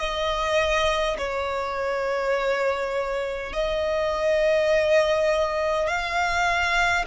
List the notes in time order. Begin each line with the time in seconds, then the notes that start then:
0.00 D#5
1.18 C#5
3.53 D#5
5.88 F5